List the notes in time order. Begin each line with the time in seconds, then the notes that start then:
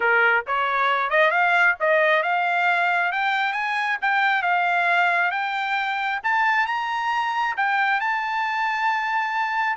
0.00 A#4
0.46 C#5
1.09 D#5
1.30 F5
1.80 D#5
2.23 F5
3.12 G5
3.53 G#5
4.01 G5
4.42 F5
5.31 G5
6.23 A5
6.66 A#5
7.56 G5
8.00 A5